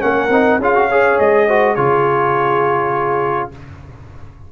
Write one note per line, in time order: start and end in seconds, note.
0.00 0.30 A#3
0.00 0.29 C#4
0.00 0.60 A#4
0.00 0.60 F#5
0.30 0.59 C4
0.30 0.61 D#4
0.59 1.17 C#4
0.59 0.76 F4
0.59 0.88 G#4
0.59 1.20 F5
0.76 0.90 F#4
0.88 1.50 G#4
0.88 1.47 C#5
1.20 1.78 G#3
1.20 1.76 D#5
1.47 1.77 F#4
1.47 1.75 C5
1.75 3.52 C#3
1.75 3.52 F4
1.75 3.50 G#4
1.75 3.50 C#5